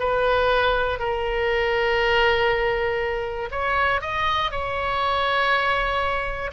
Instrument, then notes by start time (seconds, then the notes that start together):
oboe
0.00 B4
1.00 A#4
3.52 C#5
4.02 D#5
4.52 C#5